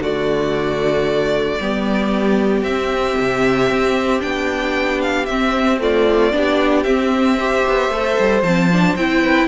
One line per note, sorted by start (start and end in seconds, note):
0.00 1.58 D3
0.00 1.60 A3
0.00 1.59 F#4
0.00 2.63 D5
1.60 2.62 G3
1.60 2.66 B3
1.60 5.81 G4
2.62 3.15 C4
2.62 4.20 C4
2.62 4.21 E5
3.19 3.70 C3
3.70 4.23 C4
4.20 5.29 B3
4.20 5.26 D4
4.20 5.01 G5
5.02 5.26 F5
5.26 6.33 C4
5.26 5.80 C4
5.26 5.78 E5
5.80 6.32 A3
5.80 6.33 F4
5.80 6.83 D5
6.32 6.85 B3
6.32 6.85 D4
6.32 7.38 G4
6.83 7.64 C4
6.83 7.38 C4
6.83 8.41 E5
7.38 7.92 G4
7.38 9.22 C5
7.67 7.89 B3
7.89 8.15 A3
7.89 8.44 A4
8.19 8.42 G3
8.42 8.95 F3
8.42 8.71 C4
8.42 8.96 A5
8.72 8.98 D4
8.96 9.48 C4
8.96 9.48 E4
8.96 9.48 G5
9.22 9.48 B4